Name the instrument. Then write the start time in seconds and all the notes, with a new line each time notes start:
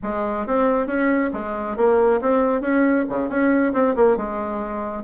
bassoon
0.02 G#3
0.46 C4
0.86 C#4
1.33 G#3
1.76 A#3
2.21 C4
2.61 C#4
3.09 C#3
3.29 C#4
3.73 C4
3.95 A#3
4.16 G#3